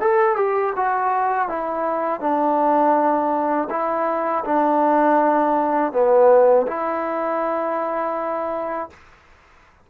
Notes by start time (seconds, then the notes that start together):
0.00 A4
0.36 G4
0.76 F#4
1.48 E4
2.20 D4
3.70 E4
4.44 D4
5.92 B3
6.67 E4